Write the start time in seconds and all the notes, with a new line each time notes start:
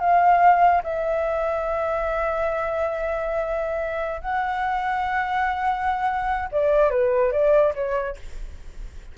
0.00 F5
0.83 E5
4.22 F#5
6.52 D5
6.91 B4
7.32 D5
7.75 C#5